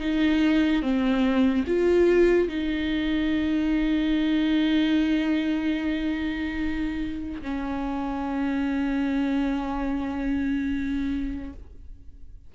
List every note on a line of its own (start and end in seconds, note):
0.00 0.82 D#4
0.83 1.65 C4
1.67 2.48 F4
2.48 7.42 D#4
7.42 11.53 C#4